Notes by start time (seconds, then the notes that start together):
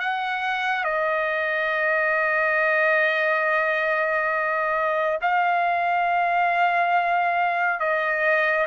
0.00 F#5
0.85 D#5
5.21 F5
7.80 D#5